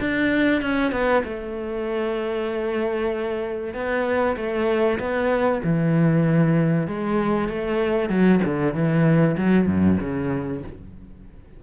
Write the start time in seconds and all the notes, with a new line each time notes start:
0.00 D4
0.61 C#4
0.91 B3
1.24 A3
3.74 B3
4.36 A3
4.99 B3
5.63 E3
6.87 G#3
7.48 A3
8.09 F#3
8.44 D3
8.74 E3
9.37 F#3
9.66 F#2
10.00 C#3